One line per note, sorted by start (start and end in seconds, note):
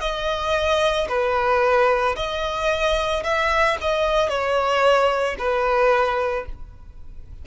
0.00 1.07 D#5
1.08 2.15 B4
2.16 3.23 D#5
3.23 3.77 E5
3.81 4.29 D#5
4.29 5.36 C#5
5.38 6.45 B4